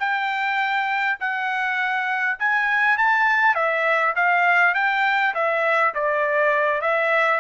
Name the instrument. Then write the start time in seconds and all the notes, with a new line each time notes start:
trumpet
0.00 G5
1.20 F#5
2.40 G#5
2.98 A5
3.55 E5
4.16 F5
4.75 G5
5.35 E5
5.95 D5
6.82 E5